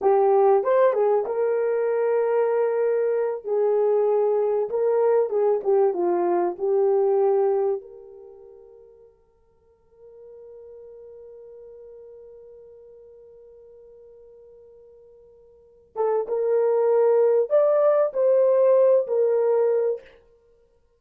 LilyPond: \new Staff \with { instrumentName = "horn" } { \time 4/4 \tempo 4 = 96 g'4 c''8 gis'8 ais'2~ | ais'4. gis'2 ais'8~ | ais'8 gis'8 g'8 f'4 g'4.~ | g'8 ais'2.~ ais'8~ |
ais'1~ | ais'1~ | ais'4. a'8 ais'2 | d''4 c''4. ais'4. | }